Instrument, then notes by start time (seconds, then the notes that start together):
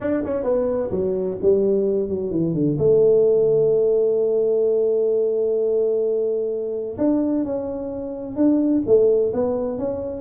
tuba
0.00 D4
0.24 C#4
0.43 B3
0.90 F#3
1.42 G3
2.08 F#3
2.30 E3
2.54 D3
2.78 A3
6.98 D4
7.44 C#4
8.36 D4
8.86 A3
9.33 B3
9.78 C#4